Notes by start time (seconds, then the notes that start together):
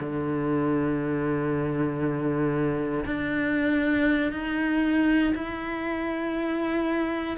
0.00 D3
3.05 D4
4.32 D#4
5.34 E4